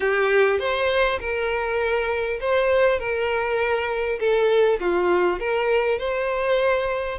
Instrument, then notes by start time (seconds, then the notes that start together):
violin
0.00 G4
0.59 C5
1.19 A#4
2.40 C5
2.99 A#4
4.19 A4
4.79 F4
5.39 A#4
5.98 C5